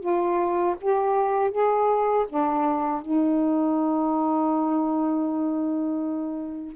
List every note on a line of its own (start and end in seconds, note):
0.00 0.75 F4
0.81 1.51 G4
1.51 2.26 G#4
2.28 3.01 D4
3.01 6.75 D#4